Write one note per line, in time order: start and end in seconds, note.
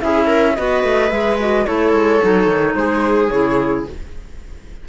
0.00 0.58 C#4
0.00 0.55 E4
0.00 0.26 G#4
0.00 0.55 E5
0.26 0.54 A#4
0.55 0.84 B3
0.55 1.09 F#4
0.55 1.67 B4
0.55 1.10 D#5
0.84 1.11 A3
1.09 1.66 G#3
1.09 1.37 G#4
1.09 1.37 E5
1.39 1.65 F#4
1.39 1.65 D#5
1.65 1.92 A3
1.65 2.20 E4
1.65 2.77 A4
1.65 2.74 C#5
1.92 2.20 G#3
2.21 2.47 F#3
2.21 3.31 D#4
2.47 2.75 D#3
2.74 3.30 G#3
2.74 3.88 G#4
2.74 3.29 C5
3.29 3.86 C#3
3.29 3.86 E4
3.29 3.84 C#5